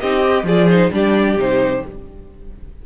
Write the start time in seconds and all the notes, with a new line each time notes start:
0.00 C4 D#4 G4 D#5
0.22 G4
0.43 F3 F4 G#4 D5
0.69 D#4 C5
0.91 G3 D4 G4 D5
1.36 C3 D#4 C5